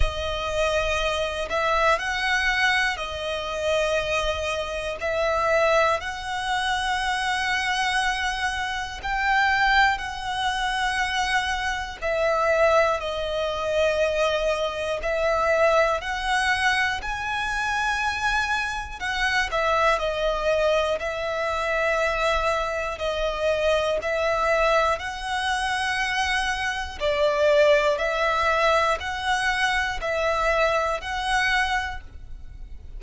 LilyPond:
\new Staff \with { instrumentName = "violin" } { \time 4/4 \tempo 4 = 60 dis''4. e''8 fis''4 dis''4~ | dis''4 e''4 fis''2~ | fis''4 g''4 fis''2 | e''4 dis''2 e''4 |
fis''4 gis''2 fis''8 e''8 | dis''4 e''2 dis''4 | e''4 fis''2 d''4 | e''4 fis''4 e''4 fis''4 | }